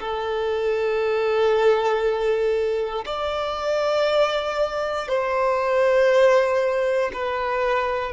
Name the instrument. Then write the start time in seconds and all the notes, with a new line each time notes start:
violin
0.00 A4
3.06 D5
5.08 C5
7.13 B4